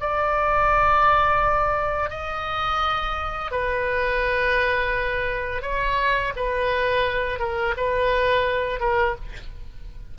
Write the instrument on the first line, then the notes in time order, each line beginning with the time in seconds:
oboe
0.00 D5
2.10 D#5
3.51 B4
5.62 C#5
6.36 B4
7.39 A#4
7.77 B4
8.80 A#4